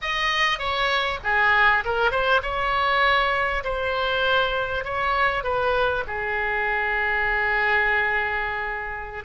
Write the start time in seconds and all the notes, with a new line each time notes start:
0.01 D#5
0.58 C#5
1.23 G#4
1.85 A#4
2.10 C5
2.42 C#5
3.64 C5
4.84 C#5
5.43 B4
6.07 G#4